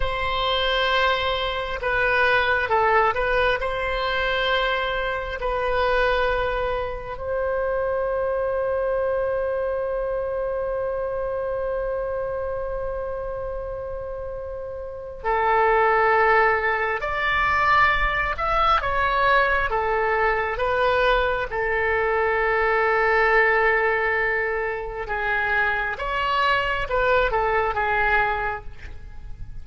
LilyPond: \new Staff \with { instrumentName = "oboe" } { \time 4/4 \tempo 4 = 67 c''2 b'4 a'8 b'8 | c''2 b'2 | c''1~ | c''1~ |
c''4 a'2 d''4~ | d''8 e''8 cis''4 a'4 b'4 | a'1 | gis'4 cis''4 b'8 a'8 gis'4 | }